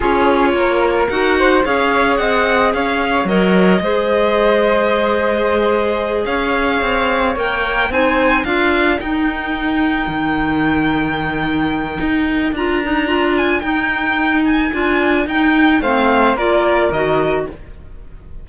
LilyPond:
<<
  \new Staff \with { instrumentName = "violin" } { \time 4/4 \tempo 4 = 110 cis''2 fis''4 f''4 | fis''4 f''4 dis''2~ | dis''2.~ dis''8 f''8~ | f''4. g''4 gis''4 f''8~ |
f''8 g''2.~ g''8~ | g''2. ais''4~ | ais''8 gis''8 g''4. gis''4. | g''4 f''4 d''4 dis''4 | }
  \new Staff \with { instrumentName = "flute" } { \time 4/4 gis'4 ais'4. c''8 cis''4 | dis''4 cis''2 c''4~ | c''2.~ c''8 cis''8~ | cis''2~ cis''8 c''4 ais'8~ |
ais'1~ | ais'1~ | ais'1~ | ais'4 c''4 ais'2 | }
  \new Staff \with { instrumentName = "clarinet" } { \time 4/4 f'2 fis'4 gis'4~ | gis'2 ais'4 gis'4~ | gis'1~ | gis'4. ais'4 dis'4 f'8~ |
f'8 dis'2.~ dis'8~ | dis'2. f'8 dis'8 | f'4 dis'2 f'4 | dis'4 c'4 f'4 fis'4 | }
  \new Staff \with { instrumentName = "cello" } { \time 4/4 cis'4 ais4 dis'4 cis'4 | c'4 cis'4 fis4 gis4~ | gis2.~ gis8 cis'8~ | cis'8 c'4 ais4 c'4 d'8~ |
d'8 dis'2 dis4.~ | dis2 dis'4 d'4~ | d'4 dis'2 d'4 | dis'4 a4 ais4 dis4 | }
>>